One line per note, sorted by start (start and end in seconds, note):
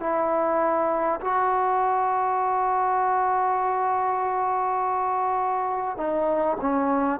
0.00 1.20 E4
1.21 5.97 F#4
5.97 6.57 D#4
6.61 7.20 C#4